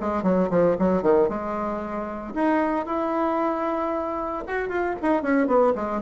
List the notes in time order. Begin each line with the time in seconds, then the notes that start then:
0.00 G#3
0.22 F#3
0.50 F3
0.79 F#3
1.02 D#3
1.28 G#3
2.34 D#4
2.86 E4
4.47 F#4
4.69 F4
5.02 D#4
5.22 C#4
5.47 B3
5.75 G#3